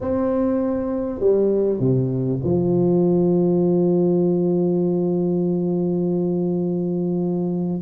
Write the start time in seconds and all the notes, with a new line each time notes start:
0.00 C4
1.19 G3
1.79 C3
2.43 F3